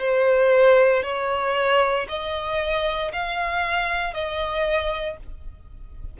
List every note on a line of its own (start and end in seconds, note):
0.00 1.03 C5
1.03 2.07 C#5
2.09 3.12 D#5
3.13 4.14 F5
4.14 5.18 D#5